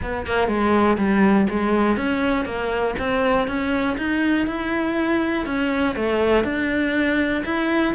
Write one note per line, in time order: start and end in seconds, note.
0.02 0.26 B3
0.26 0.47 A#3
0.47 0.97 G#3
0.97 1.47 G3
1.49 1.97 G#3
1.97 2.45 C#4
2.45 2.94 A#3
2.98 3.47 C4
3.47 3.97 C#4
3.97 4.46 D#4
4.46 5.45 E4
5.45 5.95 C#4
5.95 6.44 A3
6.44 7.43 D4
7.44 7.94 E4